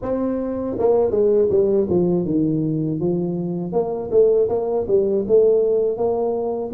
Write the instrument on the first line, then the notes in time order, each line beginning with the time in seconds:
tuba
0.02 C4
0.78 A#3
1.10 G#3
1.50 G3
1.89 F3
2.25 D#3
3.00 F3
3.72 A#3
4.10 A3
4.49 A#3
4.87 G3
5.27 A3
5.97 A#3